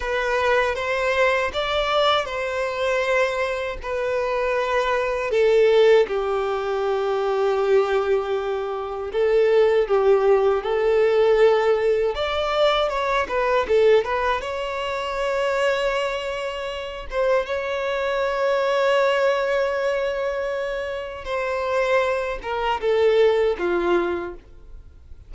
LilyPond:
\new Staff \with { instrumentName = "violin" } { \time 4/4 \tempo 4 = 79 b'4 c''4 d''4 c''4~ | c''4 b'2 a'4 | g'1 | a'4 g'4 a'2 |
d''4 cis''8 b'8 a'8 b'8 cis''4~ | cis''2~ cis''8 c''8 cis''4~ | cis''1 | c''4. ais'8 a'4 f'4 | }